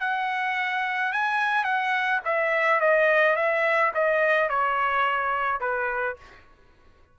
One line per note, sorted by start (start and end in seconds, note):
0.00 1.12 F#5
1.12 1.64 G#5
1.64 2.20 F#5
2.25 2.81 E5
2.81 3.36 D#5
3.36 3.92 E5
3.94 4.49 D#5
4.49 5.60 C#5
5.60 6.17 B4